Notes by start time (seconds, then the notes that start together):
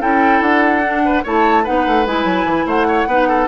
0.00 C#4 E4 A4 G5
0.41 D4 F#5
0.83 D4
1.05 B4
1.23 A3 E4 C#5 A5
1.63 B3 D#4 B4 F#5
1.87 A3
2.06 G#3 E4 G#5
2.24 F#3
2.44 E3
2.66 A3 C5 F#5
2.87 C#5
3.06 B3 D#4 B4
3.28 A4